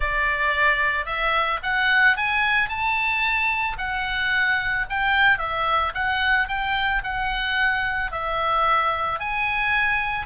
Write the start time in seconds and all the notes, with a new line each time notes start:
0.00 D5
1.05 E5
1.62 F#5
2.16 G#5
2.68 A5
3.78 F#5
4.89 G5
5.38 E5
5.94 F#5
6.48 G5
7.03 F#5
8.11 E5
9.19 G#5